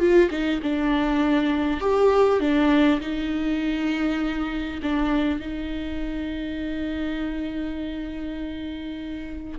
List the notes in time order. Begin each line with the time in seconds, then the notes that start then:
0.00 F4
0.31 D#4
0.62 D4
1.81 G4
2.40 D4
3.01 D#4
4.82 D4
5.40 D#4